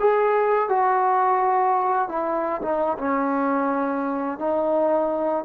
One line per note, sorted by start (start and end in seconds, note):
0.00 0.69 G#4
0.69 2.09 F#4
2.09 2.61 E4
2.62 2.97 D#4
2.98 4.39 C#4
4.39 5.45 D#4